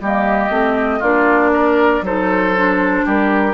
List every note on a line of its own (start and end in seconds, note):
0.00 0.50 G3
0.00 0.50 A#3
0.00 0.99 G4
0.00 1.03 D#5
0.50 1.00 A3
0.50 1.01 C4
0.99 2.01 A#3
0.99 2.04 D4
0.99 1.50 F4
0.99 2.04 D5
1.53 2.04 A#4
2.01 3.03 F#3
2.01 2.56 D#4
2.01 3.05 A4
2.01 3.07 C5
2.56 3.54 D4
3.05 3.54 G3
3.05 3.54 G4
3.05 3.54 A#4